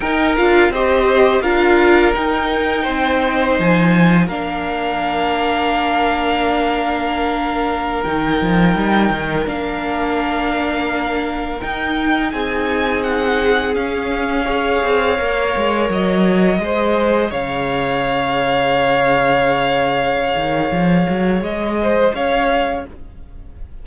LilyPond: <<
  \new Staff \with { instrumentName = "violin" } { \time 4/4 \tempo 4 = 84 g''8 f''8 dis''4 f''4 g''4~ | g''4 gis''4 f''2~ | f''2.~ f''16 g''8.~ | g''4~ g''16 f''2~ f''8.~ |
f''16 g''4 gis''4 fis''4 f''8.~ | f''2~ f''16 dis''4.~ dis''16~ | dis''16 f''2.~ f''8.~ | f''2 dis''4 f''4 | }
  \new Staff \with { instrumentName = "violin" } { \time 4/4 ais'4 c''4 ais'2 | c''2 ais'2~ | ais'1~ | ais'1~ |
ais'4~ ais'16 gis'2~ gis'8.~ | gis'16 cis''2. c''8.~ | c''16 cis''2.~ cis''8.~ | cis''2~ cis''8 c''8 cis''4 | }
  \new Staff \with { instrumentName = "viola" } { \time 4/4 dis'8 f'8 g'4 f'4 dis'4~ | dis'2 d'2~ | d'2.~ d'16 dis'8.~ | dis'4~ dis'16 d'2~ d'8.~ |
d'16 dis'2. cis'8.~ | cis'16 gis'4 ais'2 gis'8.~ | gis'1~ | gis'1 | }
  \new Staff \with { instrumentName = "cello" } { \time 4/4 dis'8 d'8 c'4 d'4 dis'4 | c'4 f4 ais2~ | ais2.~ ais16 dis8 f16~ | f16 g8 dis8 ais2~ ais8.~ |
ais16 dis'4 c'2 cis'8.~ | cis'8. c'8 ais8 gis8 fis4 gis8.~ | gis16 cis2.~ cis8.~ | cis8 dis8 f8 fis8 gis4 cis'4 | }
>>